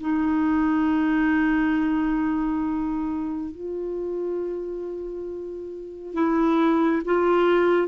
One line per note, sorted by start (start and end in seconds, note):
0.00 3.51 D#4
3.51 6.14 F4
6.14 7.02 E4
7.05 7.88 F4